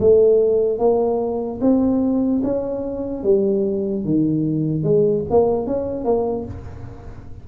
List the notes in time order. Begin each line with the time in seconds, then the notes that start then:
0.00 A3
0.79 A#3
1.61 C4
2.44 C#4
3.24 G3
4.05 D#3
4.84 G#3
5.30 A#3
5.67 C#4
6.05 A#3